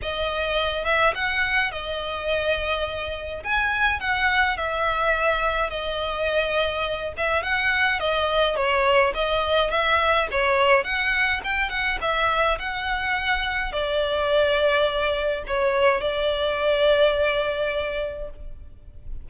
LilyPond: \new Staff \with { instrumentName = "violin" } { \time 4/4 \tempo 4 = 105 dis''4. e''8 fis''4 dis''4~ | dis''2 gis''4 fis''4 | e''2 dis''2~ | dis''8 e''8 fis''4 dis''4 cis''4 |
dis''4 e''4 cis''4 fis''4 | g''8 fis''8 e''4 fis''2 | d''2. cis''4 | d''1 | }